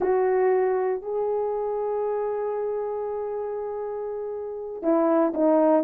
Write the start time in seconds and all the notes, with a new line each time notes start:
0.00 F#4
1.02 G#4
4.82 E4
5.33 D#4